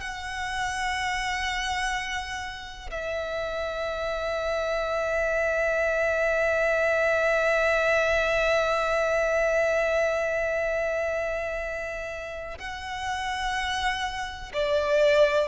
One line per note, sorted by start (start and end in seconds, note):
0.00 2.90 F#5
2.91 12.59 E5
12.59 14.52 F#5
14.53 15.48 D5